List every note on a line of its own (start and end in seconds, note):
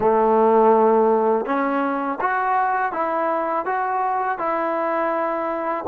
0.00 1.45 A3
1.45 2.19 C#4
2.21 2.92 F#4
2.92 3.65 E4
3.66 4.38 F#4
4.38 5.84 E4